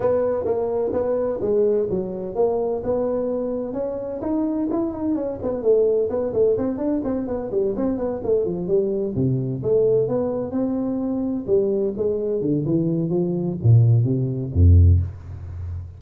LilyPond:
\new Staff \with { instrumentName = "tuba" } { \time 4/4 \tempo 4 = 128 b4 ais4 b4 gis4 | fis4 ais4 b2 | cis'4 dis'4 e'8 dis'8 cis'8 b8 | a4 b8 a8 c'8 d'8 c'8 b8 |
g8 c'8 b8 a8 f8 g4 c8~ | c8 a4 b4 c'4.~ | c'8 g4 gis4 d8 e4 | f4 ais,4 c4 f,4 | }